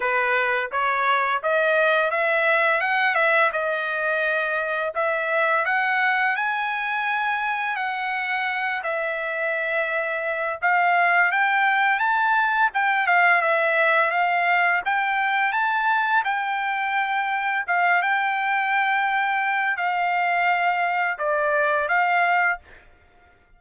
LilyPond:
\new Staff \with { instrumentName = "trumpet" } { \time 4/4 \tempo 4 = 85 b'4 cis''4 dis''4 e''4 | fis''8 e''8 dis''2 e''4 | fis''4 gis''2 fis''4~ | fis''8 e''2~ e''8 f''4 |
g''4 a''4 g''8 f''8 e''4 | f''4 g''4 a''4 g''4~ | g''4 f''8 g''2~ g''8 | f''2 d''4 f''4 | }